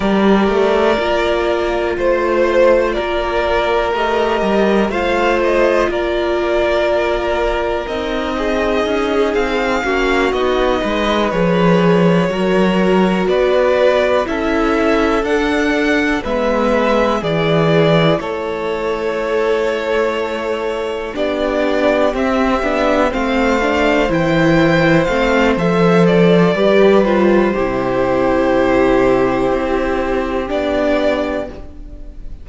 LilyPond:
<<
  \new Staff \with { instrumentName = "violin" } { \time 4/4 \tempo 4 = 61 d''2 c''4 d''4 | dis''4 f''8 dis''8 d''2 | dis''4. f''4 dis''4 cis''8~ | cis''4. d''4 e''4 fis''8~ |
fis''8 e''4 d''4 cis''4.~ | cis''4. d''4 e''4 f''8~ | f''8 g''4 f''8 e''8 d''4 c''8~ | c''2. d''4 | }
  \new Staff \with { instrumentName = "violin" } { \time 4/4 ais'2 c''4 ais'4~ | ais'4 c''4 ais'2~ | ais'8 gis'4. fis'4 b'4~ | b'8 ais'4 b'4 a'4.~ |
a'8 b'4 gis'4 a'4.~ | a'4. g'2 c''8~ | c''2. b'4 | g'1 | }
  \new Staff \with { instrumentName = "viola" } { \time 4/4 g'4 f'2. | g'4 f'2. | dis'2 cis'8 dis'4 gis'8~ | gis'8 fis'2 e'4 d'8~ |
d'8 b4 e'2~ e'8~ | e'4. d'4 c'8 d'8 c'8 | d'8 e'4 c'8 a'4 g'8 f'8 | e'2. d'4 | }
  \new Staff \with { instrumentName = "cello" } { \time 4/4 g8 a8 ais4 a4 ais4 | a8 g8 a4 ais2 | c'4 cis'8 c'8 ais8 b8 gis8 f8~ | f8 fis4 b4 cis'4 d'8~ |
d'8 gis4 e4 a4.~ | a4. b4 c'8 b8 a8~ | a8 e4 a8 f4 g4 | c2 c'4 b4 | }
>>